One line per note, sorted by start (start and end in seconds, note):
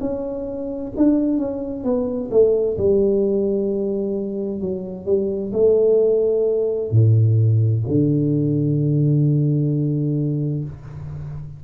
0.00 0.92 C#4
0.97 1.38 D4
1.38 1.84 C#4
1.84 2.30 B3
2.31 2.77 A3
2.77 4.60 G3
4.60 5.05 F#3
5.05 5.51 G3
5.53 6.91 A3
6.91 7.83 A2
7.87 10.64 D3